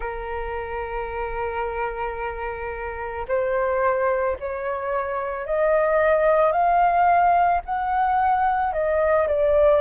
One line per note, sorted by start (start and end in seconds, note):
0.00 3.26 A#4
3.27 4.36 C5
4.39 5.45 C#5
5.45 6.52 D#5
6.52 7.61 F5
7.65 8.72 F#5
8.72 9.27 D#5
9.27 9.81 D5